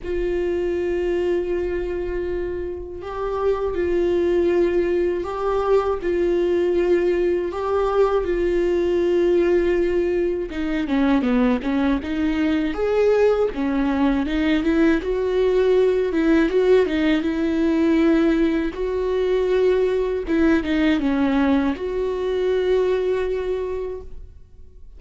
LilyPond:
\new Staff \with { instrumentName = "viola" } { \time 4/4 \tempo 4 = 80 f'1 | g'4 f'2 g'4 | f'2 g'4 f'4~ | f'2 dis'8 cis'8 b8 cis'8 |
dis'4 gis'4 cis'4 dis'8 e'8 | fis'4. e'8 fis'8 dis'8 e'4~ | e'4 fis'2 e'8 dis'8 | cis'4 fis'2. | }